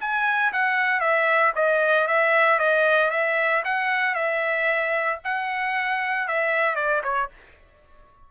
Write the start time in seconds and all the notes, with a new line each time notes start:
0.00 G#5
0.52 F#5
1.00 E5
1.55 D#5
2.07 E5
2.59 D#5
3.10 E5
3.65 F#5
4.15 E5
5.24 F#5
6.28 E5
6.75 D5
7.03 C#5